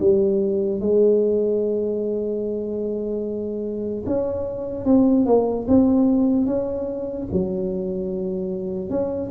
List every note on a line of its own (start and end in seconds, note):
0.00 0.81 G3
0.81 4.05 G#3
4.07 4.85 C#4
4.85 5.26 C4
5.26 5.66 A#3
5.68 6.46 C4
6.46 7.28 C#4
7.33 8.90 F#3
8.90 9.31 C#4